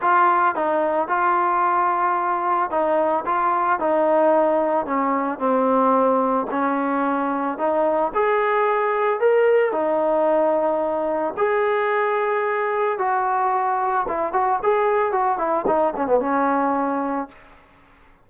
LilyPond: \new Staff \with { instrumentName = "trombone" } { \time 4/4 \tempo 4 = 111 f'4 dis'4 f'2~ | f'4 dis'4 f'4 dis'4~ | dis'4 cis'4 c'2 | cis'2 dis'4 gis'4~ |
gis'4 ais'4 dis'2~ | dis'4 gis'2. | fis'2 e'8 fis'8 gis'4 | fis'8 e'8 dis'8 cis'16 b16 cis'2 | }